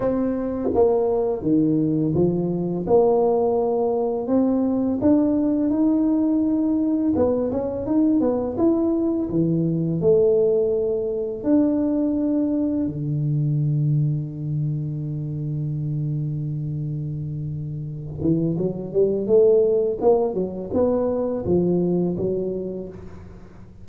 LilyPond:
\new Staff \with { instrumentName = "tuba" } { \time 4/4 \tempo 4 = 84 c'4 ais4 dis4 f4 | ais2 c'4 d'4 | dis'2 b8 cis'8 dis'8 b8 | e'4 e4 a2 |
d'2 d2~ | d1~ | d4. e8 fis8 g8 a4 | ais8 fis8 b4 f4 fis4 | }